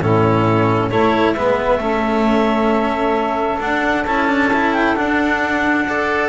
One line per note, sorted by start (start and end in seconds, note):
0.00 0.90 A2
0.00 0.91 C#4
0.00 0.89 E4
0.00 0.90 A4
0.89 1.35 A3
0.89 1.36 E4
0.89 1.34 A4
0.89 1.33 C#5
1.33 1.78 G#3
1.33 1.80 B3
1.33 1.79 B4
1.33 3.58 E5
1.78 3.58 A3
1.78 3.61 C#4
1.78 5.85 A4
3.60 4.05 D4
3.60 4.06 D4
3.60 4.05 F#5
4.05 4.96 C#4
4.05 4.28 E4
4.05 4.73 A5
4.28 4.51 D4
4.53 4.96 E4
4.73 4.95 G5
4.95 5.87 D4
4.95 6.29 D4
4.95 6.29 F#5
5.87 6.29 A4
5.87 6.29 D5